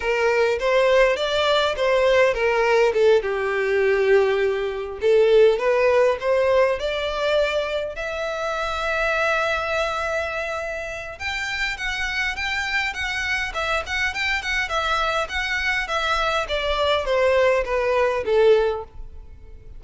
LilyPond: \new Staff \with { instrumentName = "violin" } { \time 4/4 \tempo 4 = 102 ais'4 c''4 d''4 c''4 | ais'4 a'8 g'2~ g'8~ | g'8 a'4 b'4 c''4 d''8~ | d''4. e''2~ e''8~ |
e''2. g''4 | fis''4 g''4 fis''4 e''8 fis''8 | g''8 fis''8 e''4 fis''4 e''4 | d''4 c''4 b'4 a'4 | }